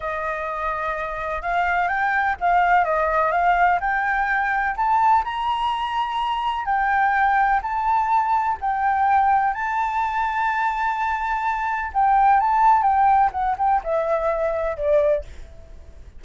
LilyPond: \new Staff \with { instrumentName = "flute" } { \time 4/4 \tempo 4 = 126 dis''2. f''4 | g''4 f''4 dis''4 f''4 | g''2 a''4 ais''4~ | ais''2 g''2 |
a''2 g''2 | a''1~ | a''4 g''4 a''4 g''4 | fis''8 g''8 e''2 d''4 | }